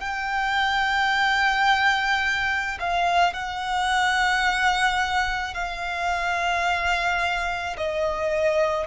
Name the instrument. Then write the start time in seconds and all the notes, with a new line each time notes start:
violin
0.00 G5
2.79 F5
3.33 F#5
5.54 F5
7.77 D#5